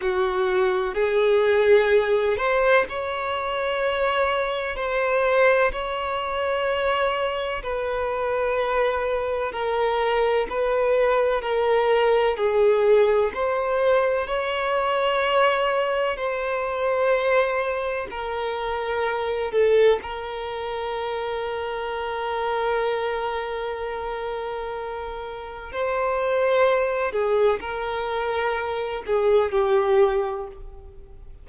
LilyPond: \new Staff \with { instrumentName = "violin" } { \time 4/4 \tempo 4 = 63 fis'4 gis'4. c''8 cis''4~ | cis''4 c''4 cis''2 | b'2 ais'4 b'4 | ais'4 gis'4 c''4 cis''4~ |
cis''4 c''2 ais'4~ | ais'8 a'8 ais'2.~ | ais'2. c''4~ | c''8 gis'8 ais'4. gis'8 g'4 | }